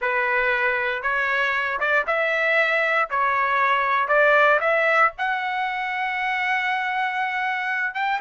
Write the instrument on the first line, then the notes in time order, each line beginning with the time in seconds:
trumpet
0.01 B4
1.02 C#5
1.79 D5
2.07 E5
3.10 C#5
4.08 D5
4.60 E5
5.18 F#5
7.94 G5